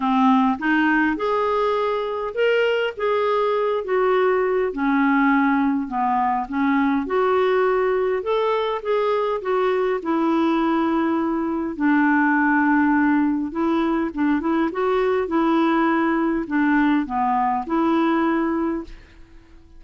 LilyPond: \new Staff \with { instrumentName = "clarinet" } { \time 4/4 \tempo 4 = 102 c'4 dis'4 gis'2 | ais'4 gis'4. fis'4. | cis'2 b4 cis'4 | fis'2 a'4 gis'4 |
fis'4 e'2. | d'2. e'4 | d'8 e'8 fis'4 e'2 | d'4 b4 e'2 | }